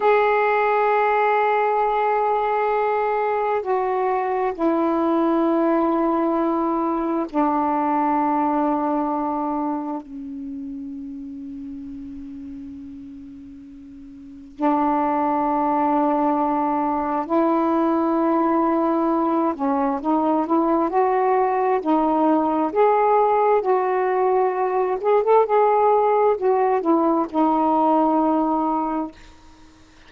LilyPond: \new Staff \with { instrumentName = "saxophone" } { \time 4/4 \tempo 4 = 66 gis'1 | fis'4 e'2. | d'2. cis'4~ | cis'1 |
d'2. e'4~ | e'4. cis'8 dis'8 e'8 fis'4 | dis'4 gis'4 fis'4. gis'16 a'16 | gis'4 fis'8 e'8 dis'2 | }